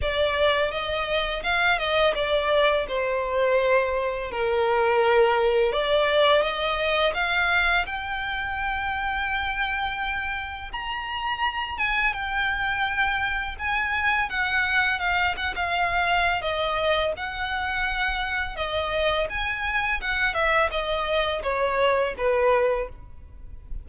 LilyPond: \new Staff \with { instrumentName = "violin" } { \time 4/4 \tempo 4 = 84 d''4 dis''4 f''8 dis''8 d''4 | c''2 ais'2 | d''4 dis''4 f''4 g''4~ | g''2. ais''4~ |
ais''8 gis''8 g''2 gis''4 | fis''4 f''8 fis''16 f''4~ f''16 dis''4 | fis''2 dis''4 gis''4 | fis''8 e''8 dis''4 cis''4 b'4 | }